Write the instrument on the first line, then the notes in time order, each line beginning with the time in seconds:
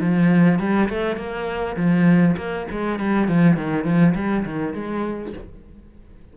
cello
0.00 F3
0.59 G3
0.89 A3
1.16 A#3
1.77 F3
2.37 A#3
2.71 G#3
2.99 G3
3.28 F3
3.57 D#3
3.84 F3
4.15 G3
4.45 D#3
4.74 G#3